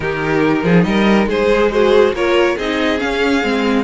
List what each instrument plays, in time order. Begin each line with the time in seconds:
0.00 cello D#3, viola D#4, violin G4 A#4
0.63 cello F3, violin G#4
0.83 cello G3, violin A#4 D#5
1.26 cello G#3, violin G#4 C5
1.50 viola G#4
1.71 viola F#4, violin G#4 C5
2.13 cello A#3, viola F4, violin A#4 C#5
2.56 cello C4, viola D#4, violin G#4 D#5
2.97 viola C#4, cello C#4, violin F5
3.43 cello G#3, viola C4